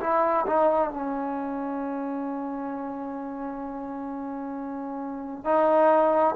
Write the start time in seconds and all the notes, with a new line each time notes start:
0.00 E4
0.46 D#4
0.90 C#4
5.44 D#4